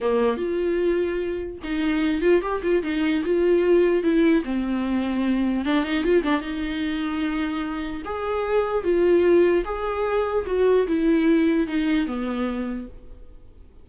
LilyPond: \new Staff \with { instrumentName = "viola" } { \time 4/4 \tempo 4 = 149 ais4 f'2. | dis'4. f'8 g'8 f'8 dis'4 | f'2 e'4 c'4~ | c'2 d'8 dis'8 f'8 d'8 |
dis'1 | gis'2 f'2 | gis'2 fis'4 e'4~ | e'4 dis'4 b2 | }